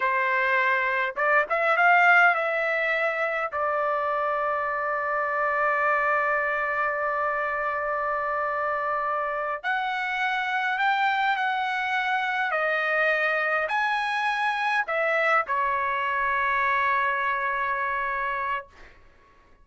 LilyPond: \new Staff \with { instrumentName = "trumpet" } { \time 4/4 \tempo 4 = 103 c''2 d''8 e''8 f''4 | e''2 d''2~ | d''1~ | d''1~ |
d''8 fis''2 g''4 fis''8~ | fis''4. dis''2 gis''8~ | gis''4. e''4 cis''4.~ | cis''1 | }